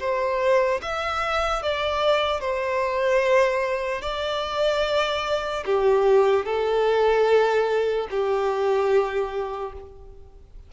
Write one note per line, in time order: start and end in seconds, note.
0.00 0.81 C5
0.83 1.63 E5
1.63 2.41 D5
2.41 4.02 C5
4.02 5.64 D5
5.66 6.46 G4
6.46 8.08 A4
8.11 9.73 G4